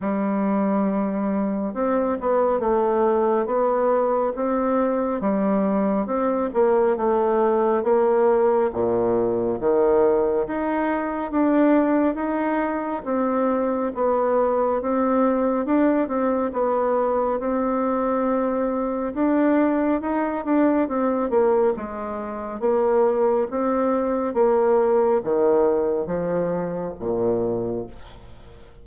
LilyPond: \new Staff \with { instrumentName = "bassoon" } { \time 4/4 \tempo 4 = 69 g2 c'8 b8 a4 | b4 c'4 g4 c'8 ais8 | a4 ais4 ais,4 dis4 | dis'4 d'4 dis'4 c'4 |
b4 c'4 d'8 c'8 b4 | c'2 d'4 dis'8 d'8 | c'8 ais8 gis4 ais4 c'4 | ais4 dis4 f4 ais,4 | }